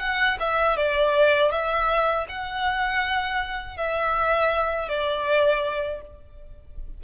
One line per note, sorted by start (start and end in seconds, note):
0.00 0.38 F#5
0.40 0.77 E5
0.77 1.51 D5
1.51 2.26 E5
2.28 3.77 F#5
3.77 4.89 E5
4.89 6.01 D5